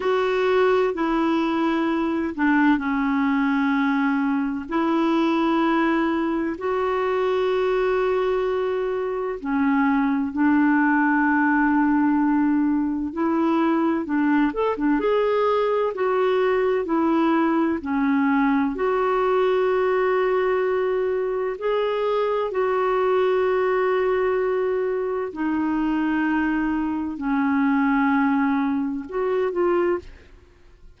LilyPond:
\new Staff \with { instrumentName = "clarinet" } { \time 4/4 \tempo 4 = 64 fis'4 e'4. d'8 cis'4~ | cis'4 e'2 fis'4~ | fis'2 cis'4 d'4~ | d'2 e'4 d'8 a'16 d'16 |
gis'4 fis'4 e'4 cis'4 | fis'2. gis'4 | fis'2. dis'4~ | dis'4 cis'2 fis'8 f'8 | }